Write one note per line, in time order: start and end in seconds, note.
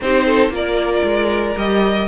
0.00 0.49 C4
0.00 0.51 D#4
0.00 0.25 G4
0.00 0.53 C5
0.25 0.52 A4
0.49 1.01 A#3
0.49 1.55 F4
0.49 2.07 A#4
0.55 1.58 D5
1.03 1.55 G#3
1.56 2.07 G3
1.56 2.07 G4
1.56 2.07 D#5